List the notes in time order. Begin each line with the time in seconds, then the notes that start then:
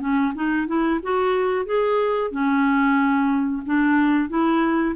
0.00 C#4
0.35 D#4
0.67 E4
1.03 F#4
1.65 G#4
2.31 C#4
3.65 D4
4.29 E4